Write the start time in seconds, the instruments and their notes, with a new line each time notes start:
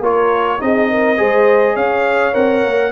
0.00 tuba A#3, trombone F4, horn A#4, trumpet C#5
0.59 tuba C4, trombone D#4, horn G#4, trumpet D#5
0.90 horn A#4
1.17 tuba G#3, trombone G#4, horn C5
1.74 tuba C#4, horn C#5, trumpet F5
2.33 tuba C4, trombone A#4, trumpet F#5
2.64 tuba A#3